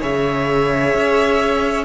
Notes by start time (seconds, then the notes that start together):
0.00 C#3 G#4 C#5 E5
0.94 C#4